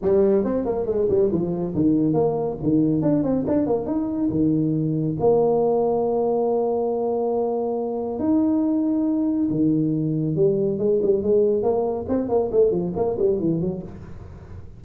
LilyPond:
\new Staff \with { instrumentName = "tuba" } { \time 4/4 \tempo 4 = 139 g4 c'8 ais8 gis8 g8 f4 | dis4 ais4 dis4 d'8 c'8 | d'8 ais8 dis'4 dis2 | ais1~ |
ais2. dis'4~ | dis'2 dis2 | g4 gis8 g8 gis4 ais4 | c'8 ais8 a8 f8 ais8 g8 e8 fis8 | }